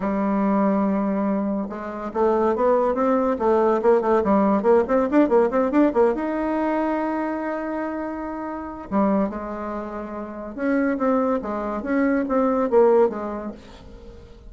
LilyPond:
\new Staff \with { instrumentName = "bassoon" } { \time 4/4 \tempo 4 = 142 g1 | gis4 a4 b4 c'4 | a4 ais8 a8 g4 ais8 c'8 | d'8 ais8 c'8 d'8 ais8 dis'4.~ |
dis'1~ | dis'4 g4 gis2~ | gis4 cis'4 c'4 gis4 | cis'4 c'4 ais4 gis4 | }